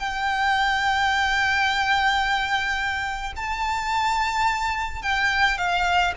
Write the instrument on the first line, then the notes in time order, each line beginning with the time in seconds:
violin
0.00 G5
3.37 A5
5.03 G5
5.59 F5